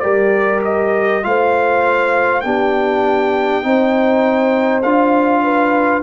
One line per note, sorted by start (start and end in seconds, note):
0.00 1.25 G3
0.00 1.23 G4
0.00 1.24 A#4
0.00 0.60 D5
0.65 1.25 D#5
1.23 2.44 A3
1.23 2.43 F4
1.23 2.45 C5
1.23 2.41 F5
2.41 3.64 B3
2.41 3.63 D4
2.41 3.65 G4
2.41 4.81 G5
3.63 4.84 C4
3.63 4.83 D#4
3.63 5.44 C5
4.83 6.04 D4
4.83 6.04 F4
4.83 6.03 F5
5.44 6.04 B4